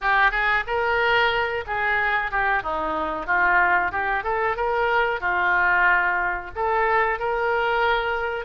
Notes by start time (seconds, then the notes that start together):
0.01 G4
0.31 G#4
0.66 A#4
1.66 G#4
2.31 G4
2.62 D#4
3.26 F4
3.91 G4
4.23 A4
4.56 A#4
5.20 F4
6.55 A4
7.19 A#4